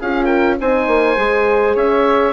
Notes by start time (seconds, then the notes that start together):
0.00 C#4 F4 G#4 F5
0.25 A#4 G5
0.60 C4 D#4 C5 G#5
0.87 A#3
1.16 G#3 G#4
1.75 C#4 C#5 E5